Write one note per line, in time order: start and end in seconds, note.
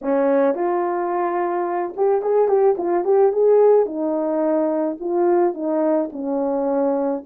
0.01 0.54 C#4
0.54 1.93 F4
1.96 2.21 G4
2.21 2.47 G#4
2.47 2.75 G4
2.77 3.04 F4
3.04 3.32 G4
3.32 3.86 G#4
3.86 4.97 D#4
4.99 5.54 F4
5.54 6.09 D#4
6.12 7.23 C#4